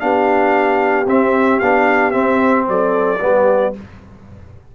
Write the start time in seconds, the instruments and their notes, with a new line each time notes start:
0.00 tuba B3, trombone D4, horn G4, trumpet F5
1.06 tuba C4, trombone C4, trumpet E5
1.59 tuba B3, trombone D4, trumpet F5
2.11 trombone C4, tuba C4, trumpet E5
2.68 tuba F#3, horn A4, trumpet D5
3.20 tuba G3, trombone B3, horn G4